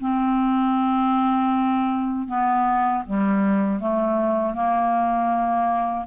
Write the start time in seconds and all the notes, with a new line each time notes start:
0.00 C4
2.28 B3
3.06 G3
3.80 A3
4.54 A#3